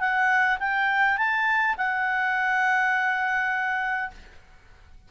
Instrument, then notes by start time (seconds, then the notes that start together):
clarinet
0.00 F#5
0.60 G5
1.18 A5
1.78 F#5